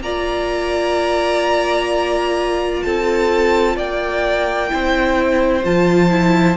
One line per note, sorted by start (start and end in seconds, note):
0.00 2.81 A#3
0.00 4.69 F4
0.00 2.84 D5
0.00 2.82 A#5
2.82 3.77 C4
2.82 3.76 A4
2.82 3.76 A5
3.76 4.71 A#3
3.76 4.69 D5
3.76 5.64 G5
4.69 5.64 C4
4.69 5.62 E4
4.69 6.57 C5
5.63 6.57 F3
5.63 6.10 F4
5.63 6.57 A5
6.10 6.57 E4